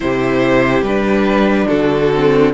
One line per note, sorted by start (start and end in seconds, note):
0.00 0.81 C3
0.00 0.84 E4
0.00 1.68 G4
0.00 0.82 C5
0.81 1.66 G3
0.81 2.14 D4
0.81 1.67 B4
1.68 2.53 D3
1.68 2.52 F#4
1.68 2.52 A4
2.14 2.53 C4